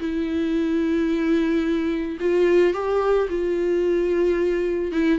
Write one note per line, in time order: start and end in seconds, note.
0.00 2.18 E4
2.20 2.74 F4
2.74 3.28 G4
3.30 4.92 F4
4.92 5.19 E4